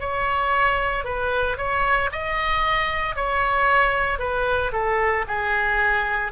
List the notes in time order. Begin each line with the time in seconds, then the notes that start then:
0.00 C#5
1.04 B4
1.57 C#5
2.12 D#5
3.16 C#5
4.19 B4
4.73 A4
5.28 G#4